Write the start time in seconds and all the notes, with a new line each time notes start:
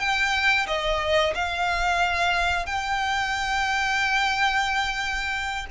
0.00 G5
0.67 D#5
1.35 F5
2.66 G5